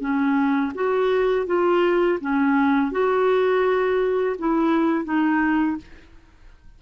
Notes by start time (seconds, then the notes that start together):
0.00 C#4
0.75 F#4
1.46 F4
2.20 C#4
2.91 F#4
4.39 E4
5.05 D#4